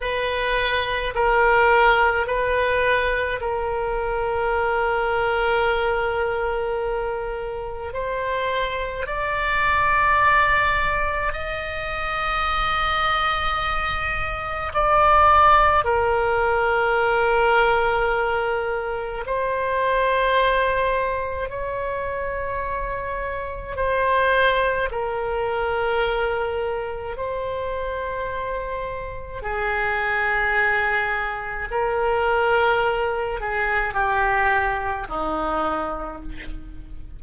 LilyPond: \new Staff \with { instrumentName = "oboe" } { \time 4/4 \tempo 4 = 53 b'4 ais'4 b'4 ais'4~ | ais'2. c''4 | d''2 dis''2~ | dis''4 d''4 ais'2~ |
ais'4 c''2 cis''4~ | cis''4 c''4 ais'2 | c''2 gis'2 | ais'4. gis'8 g'4 dis'4 | }